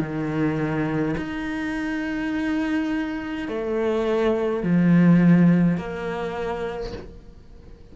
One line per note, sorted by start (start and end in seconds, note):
0.00 1.15 D#3
1.17 3.48 D#4
3.48 4.63 A3
4.63 5.77 F3
5.77 6.93 A#3